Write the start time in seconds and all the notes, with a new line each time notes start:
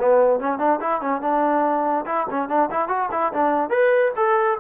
0.00 B3
0.40 C#4
0.59 D4
0.81 E4
1.02 C#4
1.22 D4
2.06 E4
2.31 C#4
2.49 D4
2.71 E4
2.89 F#4
3.12 E4
3.34 D4
3.70 B4
4.17 A4